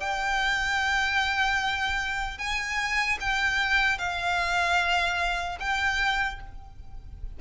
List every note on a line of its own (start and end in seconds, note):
0.00 2.38 G5
2.38 3.18 G#5
3.20 3.98 G5
3.98 5.58 F5
5.60 6.40 G5